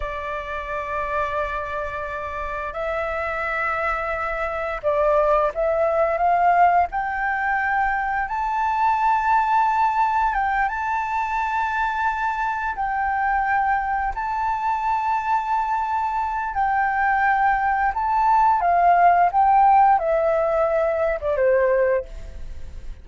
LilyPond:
\new Staff \with { instrumentName = "flute" } { \time 4/4 \tempo 4 = 87 d''1 | e''2. d''4 | e''4 f''4 g''2 | a''2. g''8 a''8~ |
a''2~ a''8 g''4.~ | g''8 a''2.~ a''8 | g''2 a''4 f''4 | g''4 e''4.~ e''16 d''16 c''4 | }